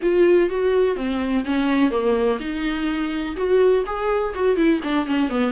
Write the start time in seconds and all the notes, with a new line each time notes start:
0.02 F4
0.49 F#4
0.96 C4
1.44 C#4
1.90 A#3
2.40 D#4
3.36 F#4
3.86 G#4
4.34 F#4
4.56 E4
4.83 D4
5.06 C#4
5.29 B3